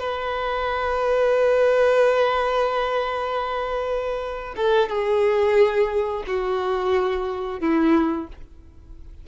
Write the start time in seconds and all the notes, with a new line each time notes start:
0.00 B4
4.57 A4
4.89 G#4
6.27 F#4
7.61 E4